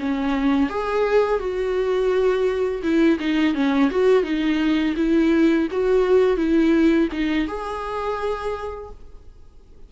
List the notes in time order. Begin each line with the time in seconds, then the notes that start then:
0.00 C#4
0.70 G#4
1.40 F#4
2.83 E4
3.20 D#4
3.55 C#4
3.91 F#4
4.24 D#4
4.97 E4
5.72 F#4
6.37 E4
7.13 D#4
7.48 G#4